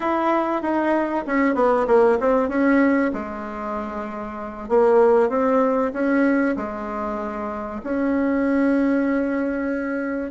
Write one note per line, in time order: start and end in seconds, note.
0.00 0.61 E4
0.61 1.24 D#4
1.27 1.55 C#4
1.55 1.86 B3
1.87 2.18 A#3
2.19 2.48 C4
2.48 3.11 C#4
3.13 4.68 G#3
4.68 5.29 A#3
5.29 5.91 C4
5.93 6.55 C#4
6.56 7.81 G#3
7.83 10.30 C#4